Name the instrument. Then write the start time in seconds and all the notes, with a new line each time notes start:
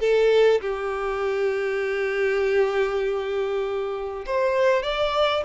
violin
0.00 A4
0.61 G4
4.26 C5
4.83 D5